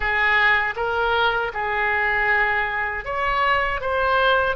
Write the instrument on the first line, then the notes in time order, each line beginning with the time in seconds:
oboe
0.00 G#4
0.76 A#4
1.53 G#4
3.04 C#5
3.80 C5